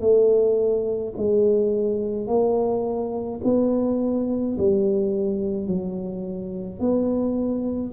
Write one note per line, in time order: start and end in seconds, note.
0.00 1.13 A3
1.17 2.27 G#3
2.27 3.40 A#3
3.43 4.56 B3
4.57 5.67 G3
5.67 6.79 F#3
6.79 7.92 B3